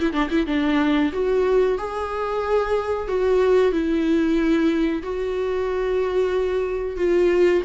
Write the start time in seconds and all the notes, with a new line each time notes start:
0.00 E4
0.13 D4
0.30 E4
0.47 D4
1.13 F#4
1.78 G#4
3.08 F#4
3.72 E4
5.03 F#4
6.97 F4